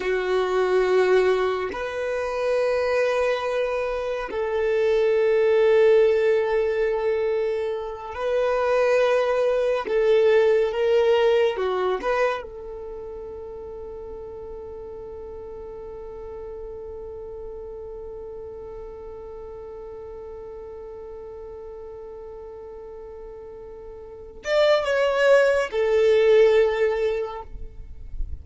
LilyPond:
\new Staff \with { instrumentName = "violin" } { \time 4/4 \tempo 4 = 70 fis'2 b'2~ | b'4 a'2.~ | a'4. b'2 a'8~ | a'8 ais'4 fis'8 b'8 a'4.~ |
a'1~ | a'1~ | a'1~ | a'8 d''8 cis''4 a'2 | }